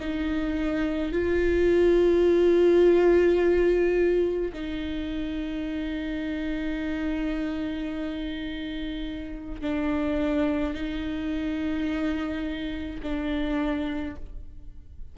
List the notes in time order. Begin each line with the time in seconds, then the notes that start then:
0.00 D#4
1.13 F4
4.53 D#4
9.62 D4
10.74 D#4
13.03 D4